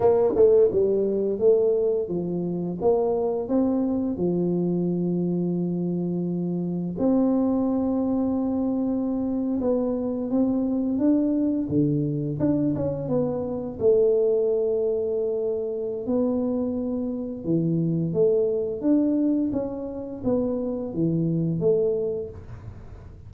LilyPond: \new Staff \with { instrumentName = "tuba" } { \time 4/4 \tempo 4 = 86 ais8 a8 g4 a4 f4 | ais4 c'4 f2~ | f2 c'2~ | c'4.~ c'16 b4 c'4 d'16~ |
d'8. d4 d'8 cis'8 b4 a16~ | a2. b4~ | b4 e4 a4 d'4 | cis'4 b4 e4 a4 | }